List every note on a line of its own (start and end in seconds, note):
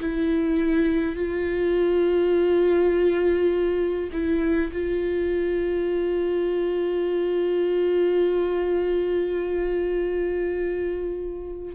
0.00 1.16 E4
1.16 4.10 F4
4.13 4.72 E4
4.73 11.75 F4